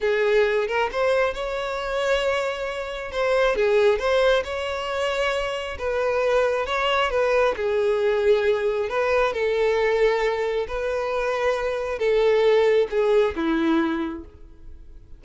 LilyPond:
\new Staff \with { instrumentName = "violin" } { \time 4/4 \tempo 4 = 135 gis'4. ais'8 c''4 cis''4~ | cis''2. c''4 | gis'4 c''4 cis''2~ | cis''4 b'2 cis''4 |
b'4 gis'2. | b'4 a'2. | b'2. a'4~ | a'4 gis'4 e'2 | }